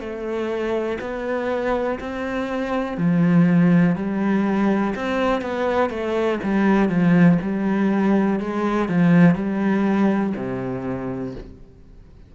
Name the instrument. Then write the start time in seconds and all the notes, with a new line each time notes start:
cello
0.00 A3
1.01 B3
2.00 C4
2.97 F3
3.96 G3
4.95 C4
5.41 B3
5.90 A3
6.43 G3
6.89 F3
7.42 G3
8.40 G#3
8.89 F3
9.35 G3
10.36 C3